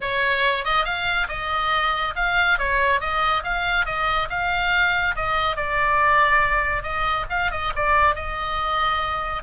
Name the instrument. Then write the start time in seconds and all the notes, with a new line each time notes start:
oboe
0.00 C#5
0.64 D#5
0.85 F5
1.28 D#5
2.15 F5
2.58 C#5
3.00 D#5
3.43 F5
3.85 D#5
4.29 F5
5.15 D#5
5.56 D5
6.82 D#5
7.29 F5
7.51 D#5
7.75 D5
8.15 D#5